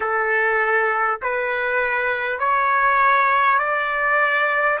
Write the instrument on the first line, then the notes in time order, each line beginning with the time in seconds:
trumpet
0.00 A4
1.22 B4
2.39 C#5
3.58 D5